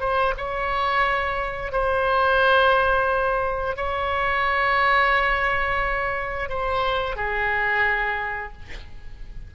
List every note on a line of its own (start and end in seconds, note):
0.00 0.34 C5
0.37 1.72 C#5
1.72 3.76 C5
3.76 6.49 C#5
6.49 7.16 C5
7.16 8.52 G#4